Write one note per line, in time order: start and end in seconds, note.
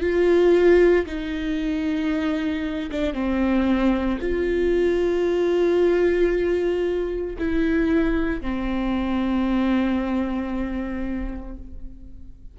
0.00 1.05 F4
1.06 2.90 D#4
2.91 3.13 D4
3.13 4.19 C4
4.21 7.36 F4
7.38 8.41 E4
8.41 11.57 C4